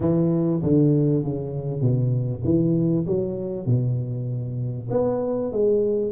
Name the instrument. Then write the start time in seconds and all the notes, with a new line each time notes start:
tuba
0.00 E3
0.62 D3
1.23 C#3
1.81 B2
2.44 E3
3.06 F#3
3.66 B2
4.90 B3
5.52 G#3